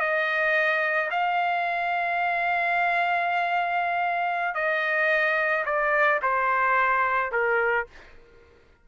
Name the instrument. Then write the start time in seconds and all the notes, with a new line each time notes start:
trumpet
0.00 D#5
1.11 F5
4.55 D#5
5.65 D5
6.22 C5
7.32 A#4